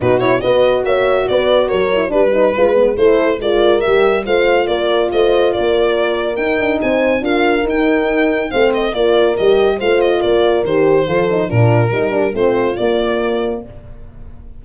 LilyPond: <<
  \new Staff \with { instrumentName = "violin" } { \time 4/4 \tempo 4 = 141 b'8 cis''8 dis''4 e''4 d''4 | cis''4 b'2 c''4 | d''4 e''4 f''4 d''4 | dis''4 d''2 g''4 |
gis''4 f''4 g''2 | f''8 dis''8 d''4 dis''4 f''8 dis''8 | d''4 c''2 ais'4~ | ais'4 c''4 d''2 | }
  \new Staff \with { instrumentName = "horn" } { \time 4/4 fis'4 b'4 cis''4 b'4 | ais'4 b'2 a'4 | ais'2 c''4 ais'4 | c''4 ais'2. |
c''4 ais'2. | c''4 ais'2 c''4 | ais'2 a'4 f'4 | g'4 f'2. | }
  \new Staff \with { instrumentName = "horn" } { \time 4/4 dis'8 e'8 fis'2.~ | fis'8 e'8 d'8 dis'8 f'8 b8 e'4 | f'4 g'4 f'2~ | f'2. dis'4~ |
dis'4 f'4 dis'2 | c'4 f'4 g'4 f'4~ | f'4 g'4 f'8 dis'8 d'4 | dis'8 d'8 c'4 ais2 | }
  \new Staff \with { instrumentName = "tuba" } { \time 4/4 b,4 b4 ais4 b4 | fis4 g4 gis4 a4 | gis4 g4 a4 ais4 | a4 ais2 dis'8 d'8 |
c'4 d'4 dis'2 | a4 ais4 g4 a4 | ais4 dis4 f4 ais,4 | g4 a4 ais2 | }
>>